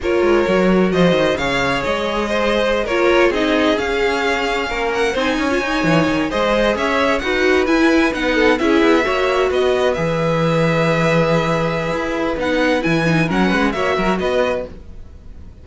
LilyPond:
<<
  \new Staff \with { instrumentName = "violin" } { \time 4/4 \tempo 4 = 131 cis''2 dis''4 f''4 | dis''2~ dis''16 cis''4 dis''8.~ | dis''16 f''2~ f''8 fis''8 gis''8.~ | gis''4.~ gis''16 dis''4 e''4 fis''16~ |
fis''8. gis''4 fis''4 e''4~ e''16~ | e''8. dis''4 e''2~ e''16~ | e''2. fis''4 | gis''4 fis''4 e''4 dis''4 | }
  \new Staff \with { instrumentName = "violin" } { \time 4/4 ais'2 c''4 cis''4~ | cis''4 c''4~ c''16 ais'4 gis'8.~ | gis'2~ gis'16 ais'4 c''8 cis''16~ | cis''4.~ cis''16 c''4 cis''4 b'16~ |
b'2~ b'16 a'8 gis'4 cis''16~ | cis''8. b'2.~ b'16~ | b'1~ | b'4 ais'8 b'8 cis''8 ais'8 b'4 | }
  \new Staff \with { instrumentName = "viola" } { \time 4/4 f'4 fis'2 gis'4~ | gis'2~ gis'16 f'4 dis'8.~ | dis'16 cis'2. dis'8. | f'16 dis'4. gis'2 fis'16~ |
fis'8. e'4 dis'4 e'4 fis'16~ | fis'4.~ fis'16 gis'2~ gis'16~ | gis'2. dis'4 | e'8 dis'8 cis'4 fis'2 | }
  \new Staff \with { instrumentName = "cello" } { \time 4/4 ais8 gis8 fis4 f8 dis8 cis4 | gis2~ gis16 ais4 c'8.~ | c'16 cis'2 ais4 c'8 cis'16~ | cis'16 dis'8 e8 dis8 gis4 cis'4 dis'16~ |
dis'8. e'4 b4 cis'8 b8 ais16~ | ais8. b4 e2~ e16~ | e2 e'4 b4 | e4 fis8 gis8 ais8 fis8 b4 | }
>>